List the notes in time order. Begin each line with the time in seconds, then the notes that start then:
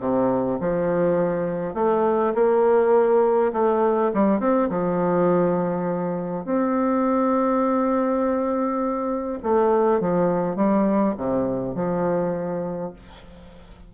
0.00 C3
0.60 F3
1.75 A3
2.35 A#3
3.53 A3
4.14 G3
4.40 C4
4.70 F3
6.45 C4
9.44 A3
10.00 F3
10.56 G3
11.17 C3
11.75 F3